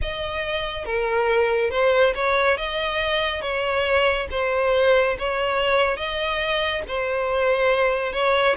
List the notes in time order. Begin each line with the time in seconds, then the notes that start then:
0.01 D#5
0.85 A#4
1.70 C5
2.14 C#5
2.57 D#5
3.41 C#5
4.31 C5
5.19 C#5
5.96 D#5
6.88 C5
8.12 C#5